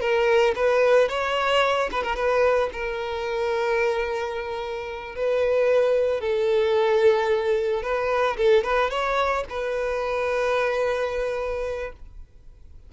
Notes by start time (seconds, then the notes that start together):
0.00 A#4
0.55 B4
1.09 C#5
1.91 B4
2.03 A#4
2.15 B4
2.72 A#4
5.15 B4
6.21 A4
7.82 B4
8.37 A4
8.64 B4
8.90 C#5
9.49 B4